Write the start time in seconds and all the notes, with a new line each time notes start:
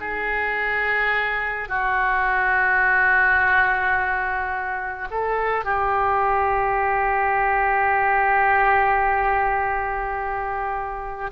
0.00 G#4
1.68 F#4
5.10 A4
5.64 G4